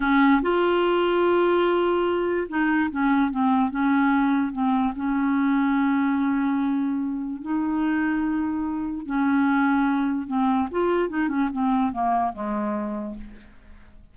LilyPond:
\new Staff \with { instrumentName = "clarinet" } { \time 4/4 \tempo 4 = 146 cis'4 f'2.~ | f'2 dis'4 cis'4 | c'4 cis'2 c'4 | cis'1~ |
cis'2 dis'2~ | dis'2 cis'2~ | cis'4 c'4 f'4 dis'8 cis'8 | c'4 ais4 gis2 | }